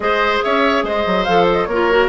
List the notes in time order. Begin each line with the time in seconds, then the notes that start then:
0.00 G#3 G#4 C5 D#5
0.43 C#4 C#5 E5
0.83 G#3 C5 D#5
1.06 F#3
1.24 F3 A4 F5
1.52 D#5
1.65 A#3 A#4 C#5
1.72 F4
1.90 F#4